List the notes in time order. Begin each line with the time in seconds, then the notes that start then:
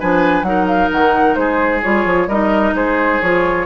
0.00 F3 D4 B4 G#5
0.43 F#3 D#4 F#5
0.49 A#4
0.67 F5
0.92 D#3 F#5
1.35 G#3 G#4 C5
1.82 G3 F4 C#5
2.05 F3
2.27 G3 D#4 A#4 D#5
2.74 G#3 G#4 C5
3.22 F3 F4 C#5